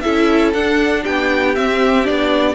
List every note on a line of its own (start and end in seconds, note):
0.00 0.53 C#4
0.00 0.53 E4
0.00 1.02 A4
0.00 0.51 E5
0.53 1.04 D4
0.53 1.55 D4
0.53 1.04 F#5
1.02 1.56 B3
1.02 2.55 G4
1.02 1.55 G5
1.55 2.03 C4
1.55 2.07 C4
1.55 2.06 E5
2.03 2.55 B3
2.03 2.54 D4
2.03 2.55 D5